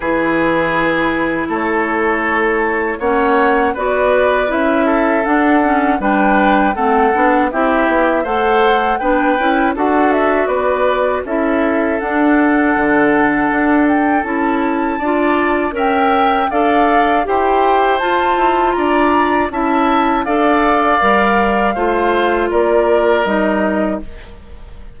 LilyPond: <<
  \new Staff \with { instrumentName = "flute" } { \time 4/4 \tempo 4 = 80 b'2 cis''2 | fis''4 d''4 e''4 fis''4 | g''4 fis''4 e''4 fis''4 | g''4 fis''8 e''8 d''4 e''4 |
fis''2~ fis''8 g''8 a''4~ | a''4 g''4 f''4 g''4 | a''4 ais''4 a''4 f''4~ | f''2 d''4 dis''4 | }
  \new Staff \with { instrumentName = "oboe" } { \time 4/4 gis'2 a'2 | cis''4 b'4. a'4. | b'4 a'4 g'4 c''4 | b'4 a'4 b'4 a'4~ |
a'1 | d''4 e''4 d''4 c''4~ | c''4 d''4 e''4 d''4~ | d''4 c''4 ais'2 | }
  \new Staff \with { instrumentName = "clarinet" } { \time 4/4 e'1 | cis'4 fis'4 e'4 d'8 cis'8 | d'4 c'8 d'8 e'4 a'4 | d'8 e'8 fis'2 e'4 |
d'2. e'4 | f'4 ais'4 a'4 g'4 | f'2 e'4 a'4 | ais'4 f'2 dis'4 | }
  \new Staff \with { instrumentName = "bassoon" } { \time 4/4 e2 a2 | ais4 b4 cis'4 d'4 | g4 a8 b8 c'8 b8 a4 | b8 cis'8 d'4 b4 cis'4 |
d'4 d4 d'4 cis'4 | d'4 cis'4 d'4 e'4 | f'8 e'8 d'4 cis'4 d'4 | g4 a4 ais4 g4 | }
>>